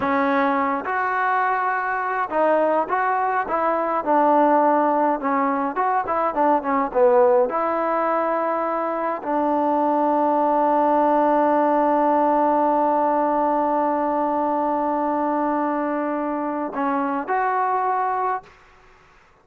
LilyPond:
\new Staff \with { instrumentName = "trombone" } { \time 4/4 \tempo 4 = 104 cis'4. fis'2~ fis'8 | dis'4 fis'4 e'4 d'4~ | d'4 cis'4 fis'8 e'8 d'8 cis'8 | b4 e'2. |
d'1~ | d'1~ | d'1~ | d'4 cis'4 fis'2 | }